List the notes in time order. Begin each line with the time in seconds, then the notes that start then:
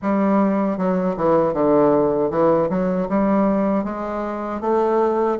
0.02 G3
0.77 F#3
1.16 E3
1.53 D3
2.30 E3
2.69 F#3
3.08 G3
3.84 G#3
4.60 A3